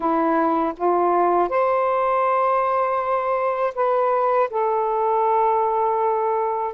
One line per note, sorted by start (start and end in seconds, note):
0.00 0.73 E4
0.76 1.48 F4
1.48 3.73 C5
3.74 4.49 B4
4.50 6.74 A4